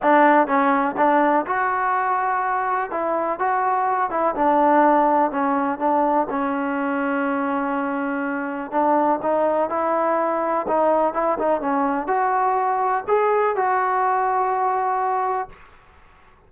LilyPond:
\new Staff \with { instrumentName = "trombone" } { \time 4/4 \tempo 4 = 124 d'4 cis'4 d'4 fis'4~ | fis'2 e'4 fis'4~ | fis'8 e'8 d'2 cis'4 | d'4 cis'2.~ |
cis'2 d'4 dis'4 | e'2 dis'4 e'8 dis'8 | cis'4 fis'2 gis'4 | fis'1 | }